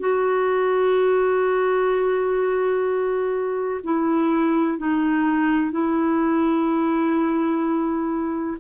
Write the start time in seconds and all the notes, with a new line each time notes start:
0.00 F#4
3.84 E4
4.78 D#4
5.72 E4